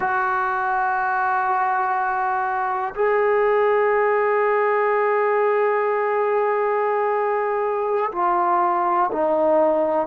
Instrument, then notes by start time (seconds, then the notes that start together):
trombone
0.00 F#4
2.94 G#4
8.11 F4
9.12 D#4